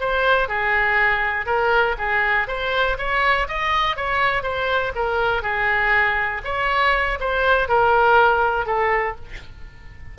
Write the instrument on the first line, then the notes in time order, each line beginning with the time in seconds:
oboe
0.00 C5
0.49 G#4
1.46 A#4
1.98 G#4
2.48 C5
2.98 C#5
3.48 D#5
3.97 C#5
4.43 C5
4.96 A#4
5.43 G#4
6.45 C#5
7.20 C5
7.69 A#4
8.66 A4